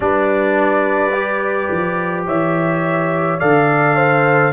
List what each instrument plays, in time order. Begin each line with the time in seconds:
0.00 tuba G3, trombone D4, horn B4, trumpet D5
1.12 trombone G4
1.71 tuba F3
2.26 tuba E3, horn C#5, trumpet E5
3.39 tuba D3, trombone A4, horn D5, trumpet F5
3.95 horn C5